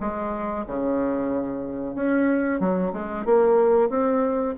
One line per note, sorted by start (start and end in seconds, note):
0.00 0.65 G#3
0.67 1.95 C#3
1.95 2.60 C#4
2.60 2.92 F#3
2.93 3.25 G#3
3.25 3.89 A#3
3.89 4.54 C4